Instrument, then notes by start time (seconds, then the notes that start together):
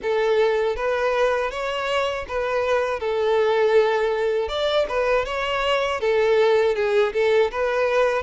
violin
0.02 A4
0.76 B4
1.50 C#5
2.28 B4
2.99 A4
4.48 D5
4.89 B4
5.25 C#5
6.00 A4
6.75 G#4
7.13 A4
7.51 B4